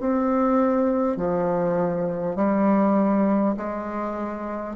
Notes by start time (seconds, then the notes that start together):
0.00 C4
1.17 F3
2.35 G3
3.56 G#3